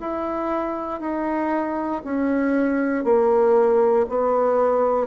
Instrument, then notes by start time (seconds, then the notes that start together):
bassoon
0.00 E4
1.00 D#4
2.04 C#4
3.04 A#3
4.09 B3